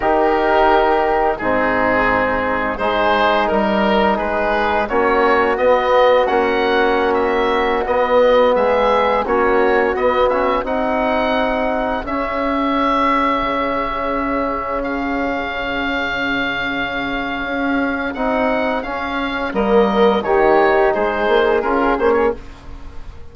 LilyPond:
<<
  \new Staff \with { instrumentName = "oboe" } { \time 4/4 \tempo 4 = 86 ais'2 gis'2 | c''4 ais'4 b'4 cis''4 | dis''4 fis''4~ fis''16 e''4 dis''8.~ | dis''16 e''4 cis''4 dis''8 e''8 fis''8.~ |
fis''4~ fis''16 e''2~ e''8.~ | e''4~ e''16 f''2~ f''8.~ | f''2 fis''4 f''4 | dis''4 cis''4 c''4 ais'8 c''16 cis''16 | }
  \new Staff \with { instrumentName = "flute" } { \time 4/4 g'2 dis'2 | gis'4 ais'4 gis'4 fis'4~ | fis'1~ | fis'16 gis'4 fis'2 gis'8.~ |
gis'1~ | gis'1~ | gis'1 | ais'4 g'4 gis'2 | }
  \new Staff \with { instrumentName = "trombone" } { \time 4/4 dis'2 c'2 | dis'2. cis'4 | b4 cis'2~ cis'16 b8.~ | b4~ b16 cis'4 b8 cis'8 dis'8.~ |
dis'4~ dis'16 cis'2~ cis'8.~ | cis'1~ | cis'2 dis'4 cis'4 | ais4 dis'2 f'8 cis'8 | }
  \new Staff \with { instrumentName = "bassoon" } { \time 4/4 dis2 gis,2 | gis4 g4 gis4 ais4 | b4 ais2~ ais16 b8.~ | b16 gis4 ais4 b4 c'8.~ |
c'4~ c'16 cis'2 cis8.~ | cis1~ | cis4 cis'4 c'4 cis'4 | g4 dis4 gis8 ais8 cis'8 ais8 | }
>>